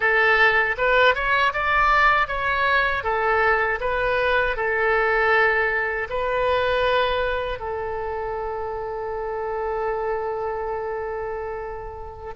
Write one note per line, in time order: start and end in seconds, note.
0.00 0.76 A4
0.77 1.14 B4
1.14 1.52 C#5
1.53 2.27 D5
2.27 3.03 C#5
3.03 3.79 A4
3.80 4.56 B4
4.56 6.08 A4
6.09 7.59 B4
7.59 12.33 A4